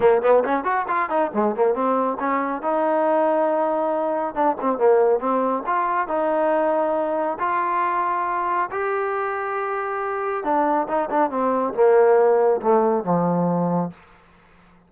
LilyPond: \new Staff \with { instrumentName = "trombone" } { \time 4/4 \tempo 4 = 138 ais8 b8 cis'8 fis'8 f'8 dis'8 gis8 ais8 | c'4 cis'4 dis'2~ | dis'2 d'8 c'8 ais4 | c'4 f'4 dis'2~ |
dis'4 f'2. | g'1 | d'4 dis'8 d'8 c'4 ais4~ | ais4 a4 f2 | }